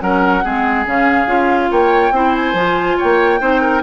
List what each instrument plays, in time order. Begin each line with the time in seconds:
0.00 bassoon F#3, clarinet C#4, oboe A#4, flute F#5
0.43 bassoon G#3, clarinet C4, oboe G#4
0.86 bassoon C#3, clarinet C#4, flute F5
1.26 bassoon C#4, clarinet F4
1.71 bassoon A#3, oboe C#5, flute G5
2.11 bassoon C4, clarinet E4, oboe C5
2.35 flute G#5
2.53 bassoon F3, clarinet F4
2.97 bassoon A#3, oboe C#5, flute G5
3.40 bassoon C4, clarinet D#4, oboe C5
3.61 oboe A#4